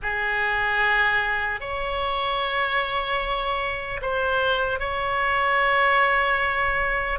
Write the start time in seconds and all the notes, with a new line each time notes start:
0.02 G#4
1.60 C#5
4.01 C5
4.79 C#5